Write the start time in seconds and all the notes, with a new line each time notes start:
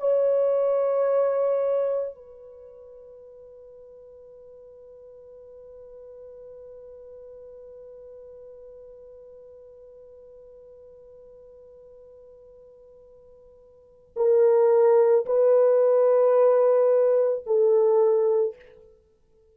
0.00 C#5
2.15 B4
14.17 A#4
15.26 B4
17.46 A4